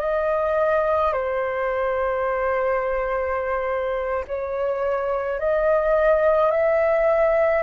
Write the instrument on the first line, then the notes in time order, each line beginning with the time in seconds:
flute
0.00 D#5
1.14 C5
4.28 C#5
5.40 D#5
6.51 E5